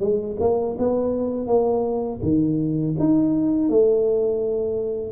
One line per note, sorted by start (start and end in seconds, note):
0.00 0.37 G#3
0.40 0.77 A#3
0.79 1.47 B3
1.47 2.20 A#3
2.23 2.96 D#3
2.99 3.70 D#4
3.70 5.12 A3